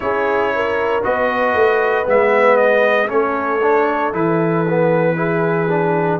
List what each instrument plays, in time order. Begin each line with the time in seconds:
0.00 tuba C#4, trombone E4, horn G#4, trumpet C#5
0.55 horn A#4
1.02 tuba B3, trombone F#4, horn B4, trumpet D#5
1.54 tuba A3
2.04 tuba G#3, trombone B3, trumpet E5
2.56 trumpet D#5
3.08 tuba A3, trombone C#4, horn A4, trumpet C#5
3.62 trombone D4
4.13 tuba E3, trombone E4, trumpet B4
4.69 trombone B3
5.16 trombone E4, horn G#4
5.69 trombone D4